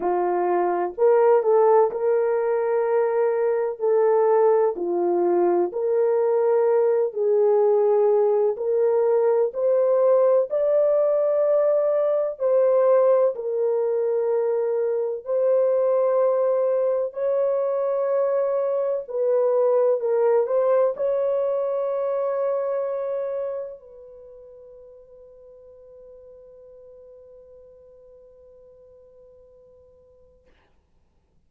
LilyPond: \new Staff \with { instrumentName = "horn" } { \time 4/4 \tempo 4 = 63 f'4 ais'8 a'8 ais'2 | a'4 f'4 ais'4. gis'8~ | gis'4 ais'4 c''4 d''4~ | d''4 c''4 ais'2 |
c''2 cis''2 | b'4 ais'8 c''8 cis''2~ | cis''4 b'2.~ | b'1 | }